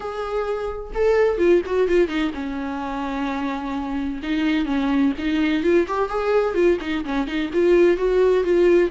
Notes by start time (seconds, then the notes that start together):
0.00 G#4
0.94 A4
1.38 F4
1.65 F#4
1.88 F4
2.08 D#4
2.34 C#4
4.22 D#4
4.65 C#4
5.18 D#4
5.63 F4
5.87 G4
6.09 G#4
6.54 F4
6.80 D#4
7.04 C#4
7.27 D#4
7.53 F4
7.97 F#4
8.44 F4